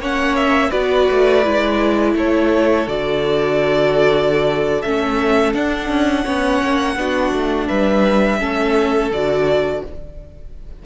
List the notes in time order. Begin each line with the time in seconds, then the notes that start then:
0.00 A#3 C#4 C#5 F#5
0.36 E5
0.70 B3 F#4 B4 D5
1.11 A3
1.44 G#3 E4
2.15 A3 A4 C#5
2.87 D3 F#4 D5
4.82 A3 C#4 E5
5.54 D4 F#5
5.89 C#4
6.24 B3 C#4 C#5
6.64 A#3
6.97 B3 D4 F#4
7.33 A3
7.68 G3 B4 E5
8.40 A3 C#4 A4
9.11 D3 F#4 D5